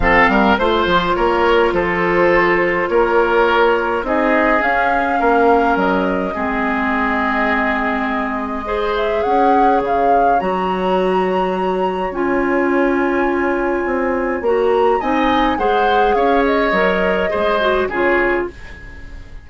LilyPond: <<
  \new Staff \with { instrumentName = "flute" } { \time 4/4 \tempo 4 = 104 f''4 c''4 cis''4 c''4~ | c''4 cis''2 dis''4 | f''2 dis''2~ | dis''2.~ dis''8 e''8 |
fis''4 f''4 ais''2~ | ais''4 gis''2.~ | gis''4 ais''4 gis''4 fis''4 | f''8 dis''2~ dis''8 cis''4 | }
  \new Staff \with { instrumentName = "oboe" } { \time 4/4 a'8 ais'8 c''4 ais'4 a'4~ | a'4 ais'2 gis'4~ | gis'4 ais'2 gis'4~ | gis'2. c''4 |
cis''1~ | cis''1~ | cis''2 dis''4 c''4 | cis''2 c''4 gis'4 | }
  \new Staff \with { instrumentName = "clarinet" } { \time 4/4 c'4 f'2.~ | f'2. dis'4 | cis'2. c'4~ | c'2. gis'4~ |
gis'2 fis'2~ | fis'4 f'2.~ | f'4 fis'4 dis'4 gis'4~ | gis'4 ais'4 gis'8 fis'8 f'4 | }
  \new Staff \with { instrumentName = "bassoon" } { \time 4/4 f8 g8 a8 f8 ais4 f4~ | f4 ais2 c'4 | cis'4 ais4 fis4 gis4~ | gis1 |
cis'4 cis4 fis2~ | fis4 cis'2. | c'4 ais4 c'4 gis4 | cis'4 fis4 gis4 cis4 | }
>>